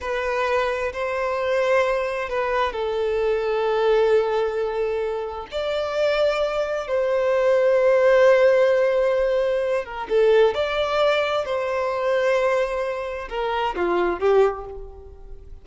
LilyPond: \new Staff \with { instrumentName = "violin" } { \time 4/4 \tempo 4 = 131 b'2 c''2~ | c''4 b'4 a'2~ | a'1 | d''2. c''4~ |
c''1~ | c''4. ais'8 a'4 d''4~ | d''4 c''2.~ | c''4 ais'4 f'4 g'4 | }